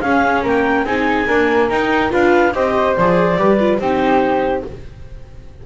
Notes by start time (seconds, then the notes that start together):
0.00 C#4 G#4 F5
0.43 A#3 A#4 G5
0.84 C4 D#4 G#4 G#5
1.27 A#3 D4 A#4
1.69 D#4 G5
2.09 D4 F4 B4 F5
2.54 C4 G4 C5 D#5
2.96 F3 G#4 D5
3.37 G3 G4 B4
3.59 F4
3.78 C4 D#4 G4 C5